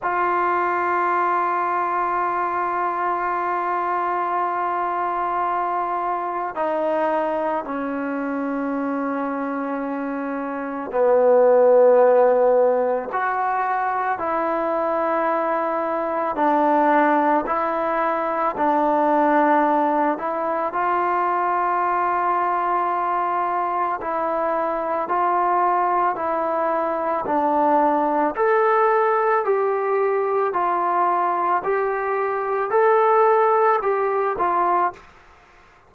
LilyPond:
\new Staff \with { instrumentName = "trombone" } { \time 4/4 \tempo 4 = 55 f'1~ | f'2 dis'4 cis'4~ | cis'2 b2 | fis'4 e'2 d'4 |
e'4 d'4. e'8 f'4~ | f'2 e'4 f'4 | e'4 d'4 a'4 g'4 | f'4 g'4 a'4 g'8 f'8 | }